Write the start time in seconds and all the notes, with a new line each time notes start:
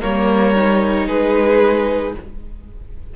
0.00 G3 A#3 A#4 C#5
0.56 D#4
1.07 G#3 G#4 B4